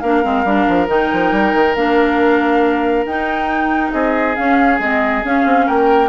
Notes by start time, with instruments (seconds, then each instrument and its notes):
0.00 bassoon A#3, clarinet D4, oboe A#4, flute F5
0.23 bassoon G#3, clarinet C4
0.44 bassoon G3, clarinet D4
0.69 bassoon F3
0.88 bassoon D#3, clarinet D#4, flute G5
1.13 bassoon F3
1.32 bassoon G3
1.54 bassoon D#3
1.75 bassoon A#3, clarinet D4, flute F5
3.05 bassoon D#4, clarinet D#4, flute G5
3.92 bassoon C4, oboe G#4, flute D#5
4.36 clarinet C#4, bassoon C#4, flute F5
4.79 bassoon G#3, clarinet C4, flute D#5
5.23 clarinet C#4, bassoon C#4, flute F5
5.45 bassoon C4
5.66 bassoon A#3, oboe A#4, flute G5